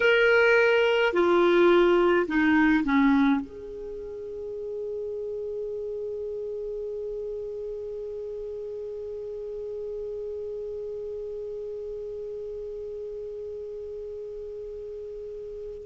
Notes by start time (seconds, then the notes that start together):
0.00 A#4
1.13 F4
2.27 D#4
2.84 C#4
3.40 G#4